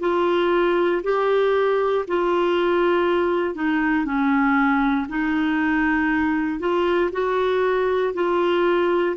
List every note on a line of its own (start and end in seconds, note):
0.00 1.02 F4
1.03 2.05 G4
2.08 3.55 F4
3.55 4.05 D#4
4.05 5.07 C#4
5.09 6.60 D#4
6.60 7.10 F4
7.12 8.14 F#4
8.14 9.16 F4